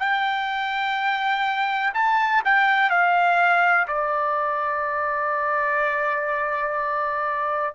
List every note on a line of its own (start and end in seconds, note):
0.00 1.94 G5
1.95 2.43 A5
2.45 2.90 G5
2.90 3.87 F5
3.88 7.76 D5